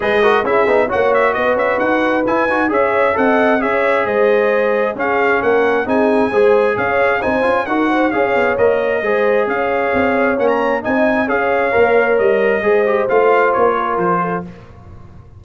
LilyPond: <<
  \new Staff \with { instrumentName = "trumpet" } { \time 4/4 \tempo 4 = 133 dis''4 e''4 fis''8 e''8 dis''8 e''8 | fis''4 gis''4 e''4 fis''4 | e''4 dis''2 f''4 | fis''4 gis''2 f''4 |
gis''4 fis''4 f''4 dis''4~ | dis''4 f''2 fis''16 ais''8. | gis''4 f''2 dis''4~ | dis''4 f''4 cis''4 c''4 | }
  \new Staff \with { instrumentName = "horn" } { \time 4/4 b'8 ais'8 gis'4 cis''4 b'4~ | b'2 cis''4 dis''4 | cis''4 c''2 gis'4 | ais'4 gis'4 c''4 cis''4 |
c''4 ais'8 c''8 cis''2 | c''4 cis''2. | dis''4 cis''2. | c''2~ c''8 ais'4 a'8 | }
  \new Staff \with { instrumentName = "trombone" } { \time 4/4 gis'8 fis'8 e'8 dis'8 fis'2~ | fis'4 e'8 fis'8 gis'4 a'4 | gis'2. cis'4~ | cis'4 dis'4 gis'2 |
dis'8 f'8 fis'4 gis'4 ais'4 | gis'2. cis'4 | dis'4 gis'4 ais'2 | gis'8 g'8 f'2. | }
  \new Staff \with { instrumentName = "tuba" } { \time 4/4 gis4 cis'8 b8 ais4 b8 cis'8 | dis'4 e'8 dis'8 cis'4 c'4 | cis'4 gis2 cis'4 | ais4 c'4 gis4 cis'4 |
c'8 cis'8 dis'4 cis'8 b8 ais4 | gis4 cis'4 c'4 ais4 | c'4 cis'4 ais4 g4 | gis4 a4 ais4 f4 | }
>>